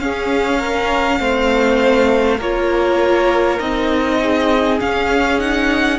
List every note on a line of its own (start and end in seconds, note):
0.00 1.19 C#4
0.00 1.21 C#4
0.00 0.59 G#4
0.00 2.40 F5
0.59 1.19 A#4
1.19 2.40 A3
1.19 2.39 C4
1.19 2.38 C5
2.38 3.60 A#3
2.38 3.60 F4
2.38 4.18 A#4
2.38 3.60 C#5
3.60 4.80 C4
3.60 4.79 D#4
3.60 4.80 D#5
4.22 6.00 G#4
4.79 5.40 C#4
4.79 6.00 C#4
4.79 5.40 F5
5.40 6.00 D#4
5.40 6.00 F#5